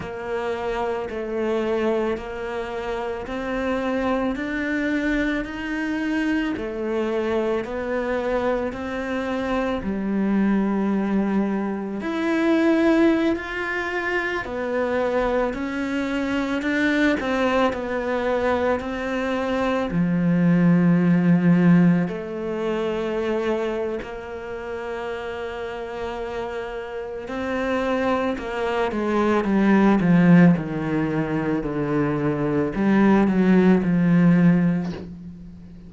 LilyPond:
\new Staff \with { instrumentName = "cello" } { \time 4/4 \tempo 4 = 55 ais4 a4 ais4 c'4 | d'4 dis'4 a4 b4 | c'4 g2 e'4~ | e'16 f'4 b4 cis'4 d'8 c'16~ |
c'16 b4 c'4 f4.~ f16~ | f16 a4.~ a16 ais2~ | ais4 c'4 ais8 gis8 g8 f8 | dis4 d4 g8 fis8 f4 | }